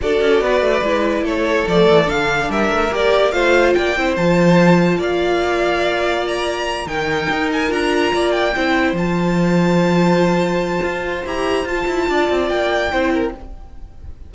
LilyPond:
<<
  \new Staff \with { instrumentName = "violin" } { \time 4/4 \tempo 4 = 144 d''2. cis''4 | d''4 f''4 e''4 d''4 | f''4 g''4 a''2 | f''2. ais''4~ |
ais''8 g''4. gis''8 ais''4. | g''4. a''2~ a''8~ | a''2. ais''4 | a''2 g''2 | }
  \new Staff \with { instrumentName = "violin" } { \time 4/4 a'4 b'2 a'4~ | a'2 ais'2 | c''4 d''8 c''2~ c''8 | d''1~ |
d''8 ais'2. d''8~ | d''8 c''2.~ c''8~ | c''1~ | c''4 d''2 c''8 ais'8 | }
  \new Staff \with { instrumentName = "viola" } { \time 4/4 fis'2 e'2 | a4 d'2 g'4 | f'4. e'8 f'2~ | f'1~ |
f'8 dis'2 f'4.~ | f'8 e'4 f'2~ f'8~ | f'2. g'4 | f'2. e'4 | }
  \new Staff \with { instrumentName = "cello" } { \time 4/4 d'8 cis'8 b8 a8 gis4 a4 | f8 e8 d4 g8 a8 ais4 | a4 ais8 c'8 f2 | ais1~ |
ais8 dis4 dis'4 d'4 ais8~ | ais8 c'4 f2~ f8~ | f2 f'4 e'4 | f'8 e'8 d'8 c'8 ais4 c'4 | }
>>